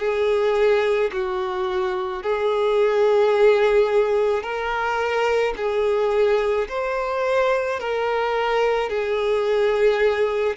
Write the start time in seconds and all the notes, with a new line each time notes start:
0.00 G#4
1.13 F#4
2.23 G#4
4.43 A#4
5.57 G#4
6.69 C5
7.80 A#4
8.90 G#4